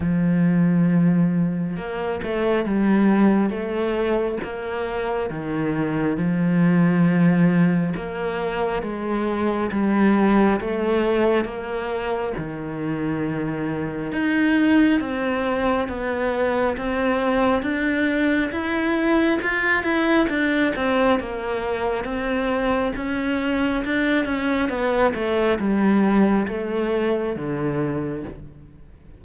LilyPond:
\new Staff \with { instrumentName = "cello" } { \time 4/4 \tempo 4 = 68 f2 ais8 a8 g4 | a4 ais4 dis4 f4~ | f4 ais4 gis4 g4 | a4 ais4 dis2 |
dis'4 c'4 b4 c'4 | d'4 e'4 f'8 e'8 d'8 c'8 | ais4 c'4 cis'4 d'8 cis'8 | b8 a8 g4 a4 d4 | }